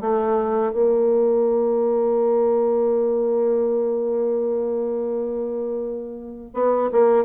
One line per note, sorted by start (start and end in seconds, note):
0.00 0.72 A3
0.72 6.51 A#3
6.54 6.90 B3
6.92 7.24 A#3